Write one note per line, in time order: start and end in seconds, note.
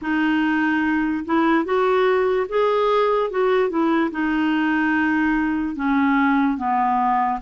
0.01 1.24 D#4
1.25 1.64 E4
1.64 2.47 F#4
2.48 3.30 G#4
3.30 3.69 F#4
3.69 4.10 E4
4.11 5.75 D#4
5.75 6.57 C#4
6.57 7.39 B3